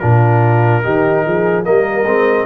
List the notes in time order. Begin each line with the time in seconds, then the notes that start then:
0.00 A#2 D4 F4 A#4
0.83 D#3 D#4 G4
1.26 F3 G#4
1.64 G3 A#3 A#4 D#5
2.06 G#3 C4